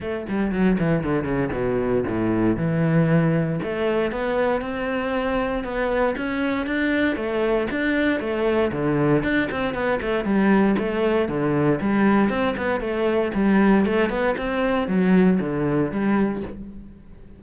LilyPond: \new Staff \with { instrumentName = "cello" } { \time 4/4 \tempo 4 = 117 a8 g8 fis8 e8 d8 cis8 b,4 | a,4 e2 a4 | b4 c'2 b4 | cis'4 d'4 a4 d'4 |
a4 d4 d'8 c'8 b8 a8 | g4 a4 d4 g4 | c'8 b8 a4 g4 a8 b8 | c'4 fis4 d4 g4 | }